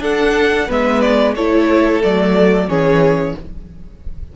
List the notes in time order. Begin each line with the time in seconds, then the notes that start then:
0.00 D4 A4 F#5
0.68 G#3 B3 B4 E5
1.02 D5
1.36 A3 E4 A4 C#5
2.03 F#3 A3 D5
2.68 E3 C#4 G#4 C#5